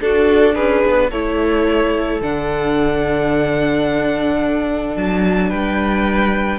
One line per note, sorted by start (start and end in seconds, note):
0.00 1.10 D4
0.00 0.56 D4
0.00 0.55 F#4
0.00 0.55 A4
0.55 0.84 C#4
0.55 1.09 G#4
0.55 1.10 B4
0.86 1.12 B3
1.09 2.21 A3
1.09 2.22 E4
1.09 5.49 A4
1.09 2.21 C#5
2.21 4.96 D3
2.21 6.59 D4
2.21 4.97 F#5
4.96 5.51 F#3
4.96 5.50 A5
5.49 6.59 G3
5.49 6.59 B4
5.49 6.59 G5